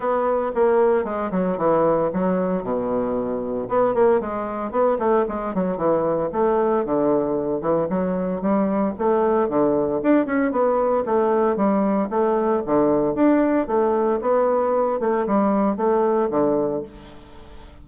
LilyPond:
\new Staff \with { instrumentName = "bassoon" } { \time 4/4 \tempo 4 = 114 b4 ais4 gis8 fis8 e4 | fis4 b,2 b8 ais8 | gis4 b8 a8 gis8 fis8 e4 | a4 d4. e8 fis4 |
g4 a4 d4 d'8 cis'8 | b4 a4 g4 a4 | d4 d'4 a4 b4~ | b8 a8 g4 a4 d4 | }